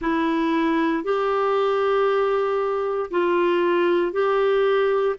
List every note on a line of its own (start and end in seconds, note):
0.01 1.03 E4
1.03 3.10 G4
3.10 4.12 F4
4.12 5.15 G4